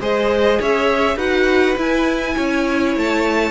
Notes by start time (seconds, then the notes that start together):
0.00 G#3 G#4 C5 D#5
0.59 C#4 C#5 E5
1.16 D#4 F#4 B4 F#5
1.77 E4 G#5
2.36 C#4 C#5
2.96 A3 A5